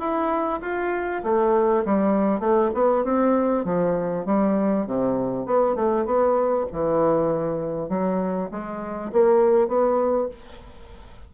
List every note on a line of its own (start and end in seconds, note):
0.00 0.61 E4
0.62 1.23 F4
1.24 1.85 A3
1.86 2.40 G3
2.40 2.71 A3
2.75 3.05 B3
3.05 3.65 C4
3.65 4.26 F3
4.26 4.87 G3
4.87 5.47 C3
5.47 5.76 B3
5.76 6.06 A3
6.06 6.67 B3
6.73 7.90 E3
7.90 8.50 F#3
8.52 9.12 G#3
9.13 9.68 A#3
9.68 10.29 B3